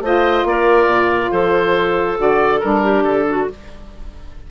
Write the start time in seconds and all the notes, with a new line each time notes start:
0.00 A3 F4 C5 D#5
0.44 A#3 A#4 D5
0.86 A#2
1.31 F3 A4 C5
2.17 D3 F#4 D5
2.60 G3 D4 A#4
2.83 G4
3.03 D3 A4
3.29 F#4